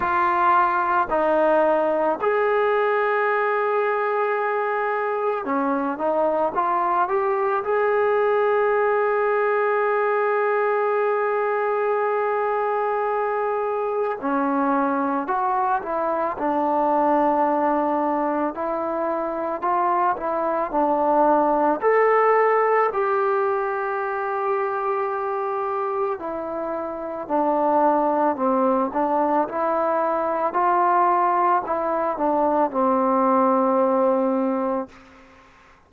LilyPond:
\new Staff \with { instrumentName = "trombone" } { \time 4/4 \tempo 4 = 55 f'4 dis'4 gis'2~ | gis'4 cis'8 dis'8 f'8 g'8 gis'4~ | gis'1~ | gis'4 cis'4 fis'8 e'8 d'4~ |
d'4 e'4 f'8 e'8 d'4 | a'4 g'2. | e'4 d'4 c'8 d'8 e'4 | f'4 e'8 d'8 c'2 | }